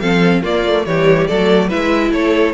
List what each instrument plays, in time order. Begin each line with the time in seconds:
0.00 cello F3, viola C4, violin A4 F5
0.43 viola A#3, cello A#3, violin F4 D5
0.67 viola A3
0.85 cello E3, viola G3, violin G4 C#5
1.27 cello F#3, viola A3, violin A4 D5
1.68 cello G#3, viola E4, violin B4 E5
2.12 cello A3, violin A4 C#5